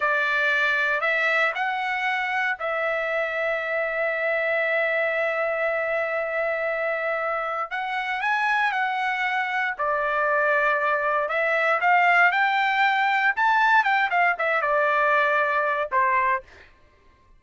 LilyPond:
\new Staff \with { instrumentName = "trumpet" } { \time 4/4 \tempo 4 = 117 d''2 e''4 fis''4~ | fis''4 e''2.~ | e''1~ | e''2. fis''4 |
gis''4 fis''2 d''4~ | d''2 e''4 f''4 | g''2 a''4 g''8 f''8 | e''8 d''2~ d''8 c''4 | }